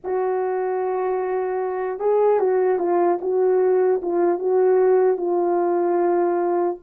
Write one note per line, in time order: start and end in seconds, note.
0.03 1.99 F#4
1.99 2.39 G#4
2.39 2.79 F#4
2.79 3.19 F4
3.21 4.01 F#4
4.02 4.39 F4
4.39 5.17 F#4
5.17 6.77 F4